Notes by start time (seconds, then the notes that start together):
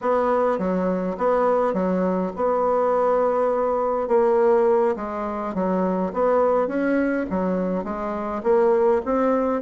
0.01 B3
0.58 F#3
1.17 B3
1.73 F#3
2.35 B3
4.08 A#3
4.96 G#3
5.54 F#3
6.13 B3
6.67 C#4
7.30 F#3
7.83 G#3
8.43 A#3
9.05 C4